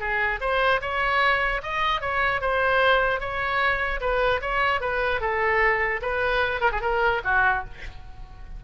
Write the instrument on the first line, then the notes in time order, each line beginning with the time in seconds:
oboe
0.00 G#4
0.41 C5
0.82 C#5
1.63 D#5
2.01 C#5
2.41 C5
3.21 C#5
4.01 B4
4.42 C#5
4.81 B4
5.21 A4
6.02 B4
6.61 A#4
6.72 G#4
6.82 A#4
7.25 F#4